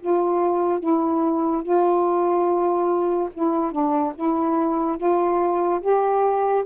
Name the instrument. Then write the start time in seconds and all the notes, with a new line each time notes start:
saxophone
0.00 F4
0.79 E4
1.62 F4
3.33 E4
3.71 D4
4.15 E4
4.97 F4
5.81 G4